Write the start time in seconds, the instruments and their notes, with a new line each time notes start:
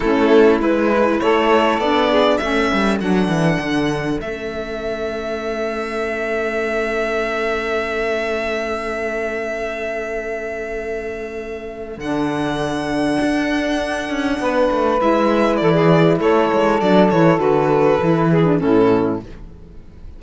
0.00 cello A3, saxophone C#4 E4, violin A4
0.59 cello G#3, saxophone E4, violin B4
1.20 cello A3, saxophone A4, violin C#5
1.78 cello B3, saxophone D4, violin D5
2.09 saxophone G#4
2.37 cello A3, saxophone C#4 A4, violin E5
2.72 cello G3
3.00 cello F#3, saxophone D4, violin F#5
3.28 cello E3
3.60 cello D3
4.19 cello A3, saxophone C#4, violin E5
11.97 cello D3, saxophone D4, violin F#5
13.21 cello D4
14.09 cello C#4
14.39 cello B3, saxophone B4
14.70 cello A3
14.99 cello G#3, saxophone E4, violin E5
15.56 cello E3, saxophone A4, violin D5
15.73 saxophone G#4
16.19 cello A3, saxophone A4, violin C#5
16.52 cello G#3
16.80 cello F#3, saxophone D4, violin D5
17.09 cello E3, saxophone E4, violin C#5
17.38 cello D3, saxophone F#4, violin B4
18.00 cello E3, saxophone E4
18.30 saxophone G#4
18.44 saxophone D4
18.59 cello A2, saxophone C#4 E4, violin A4